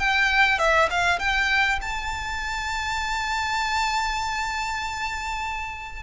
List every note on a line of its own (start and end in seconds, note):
0.00 0.59 G5
0.59 0.90 E5
0.91 1.19 F5
1.19 1.80 G5
1.82 6.03 A5